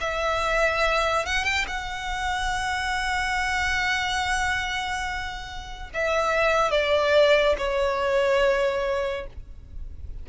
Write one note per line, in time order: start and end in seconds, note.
0.00 1.25 E5
1.25 1.44 F#5
1.44 1.65 G5
1.67 5.89 F#5
5.93 6.71 E5
6.71 7.55 D5
7.57 9.27 C#5